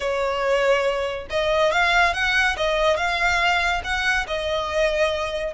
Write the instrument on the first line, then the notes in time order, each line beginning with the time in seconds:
violin
0.00 C#5
1.30 D#5
1.72 F5
2.13 F#5
2.56 D#5
2.96 F5
3.84 F#5
4.27 D#5